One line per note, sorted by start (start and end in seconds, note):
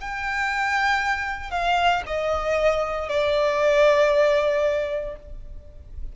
0.00 1.50 G5
1.50 2.02 F5
2.06 3.08 D#5
3.08 5.15 D5